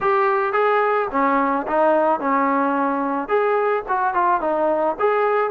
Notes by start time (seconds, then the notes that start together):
0.01 G4
0.52 G#4
1.11 C#4
1.67 D#4
2.20 C#4
3.28 G#4
3.88 F#4
4.13 F4
4.41 D#4
4.99 G#4